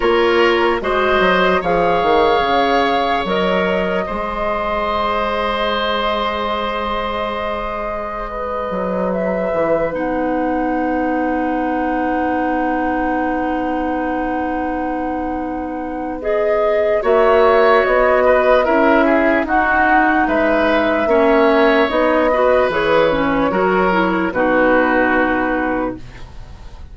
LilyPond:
<<
  \new Staff \with { instrumentName = "flute" } { \time 4/4 \tempo 4 = 74 cis''4 dis''4 f''2 | dis''1~ | dis''2.~ dis''16 e''8.~ | e''16 fis''2.~ fis''8.~ |
fis''1 | dis''4 e''4 dis''4 e''4 | fis''4 e''2 dis''4 | cis''2 b'2 | }
  \new Staff \with { instrumentName = "oboe" } { \time 4/4 ais'4 c''4 cis''2~ | cis''4 c''2.~ | c''2~ c''16 b'4.~ b'16~ | b'1~ |
b'1~ | b'4 cis''4. b'8 ais'8 gis'8 | fis'4 b'4 cis''4. b'8~ | b'4 ais'4 fis'2 | }
  \new Staff \with { instrumentName = "clarinet" } { \time 4/4 f'4 fis'4 gis'2 | ais'4 gis'2.~ | gis'1~ | gis'16 dis'2.~ dis'8.~ |
dis'1 | gis'4 fis'2 e'4 | dis'2 cis'4 dis'8 fis'8 | gis'8 cis'8 fis'8 e'8 dis'2 | }
  \new Staff \with { instrumentName = "bassoon" } { \time 4/4 ais4 gis8 fis8 f8 dis8 cis4 | fis4 gis2.~ | gis2~ gis8. fis4 e16~ | e16 b2.~ b8.~ |
b1~ | b4 ais4 b4 cis'4 | dis'4 gis4 ais4 b4 | e4 fis4 b,2 | }
>>